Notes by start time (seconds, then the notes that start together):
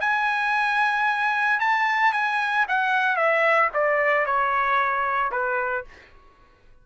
0.00 G#5
1.59 A5
2.12 G#5
2.68 F#5
3.16 E5
3.73 D5
4.26 C#5
5.31 B4